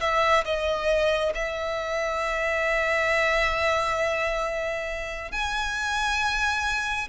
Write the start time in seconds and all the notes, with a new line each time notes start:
0.00 E5
0.45 D#5
1.34 E5
5.32 G#5